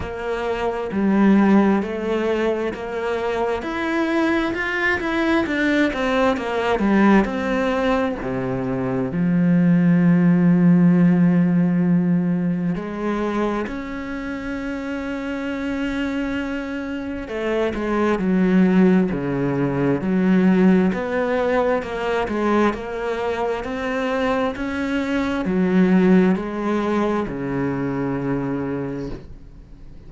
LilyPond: \new Staff \with { instrumentName = "cello" } { \time 4/4 \tempo 4 = 66 ais4 g4 a4 ais4 | e'4 f'8 e'8 d'8 c'8 ais8 g8 | c'4 c4 f2~ | f2 gis4 cis'4~ |
cis'2. a8 gis8 | fis4 cis4 fis4 b4 | ais8 gis8 ais4 c'4 cis'4 | fis4 gis4 cis2 | }